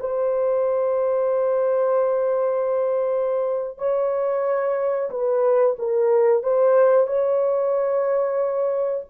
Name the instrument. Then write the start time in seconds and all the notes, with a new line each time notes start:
horn
0.00 C5
3.78 C#5
5.10 B4
5.79 A#4
6.43 C5
7.07 C#5